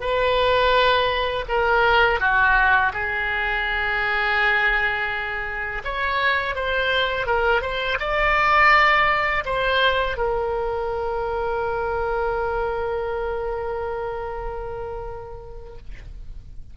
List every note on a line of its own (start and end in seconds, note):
0.00 1.45 B4
1.48 2.20 A#4
2.20 2.92 F#4
2.93 5.82 G#4
5.84 6.55 C#5
6.55 7.26 C5
7.26 7.61 A#4
7.61 7.97 C5
7.99 9.44 D5
9.45 10.17 C5
10.17 15.77 A#4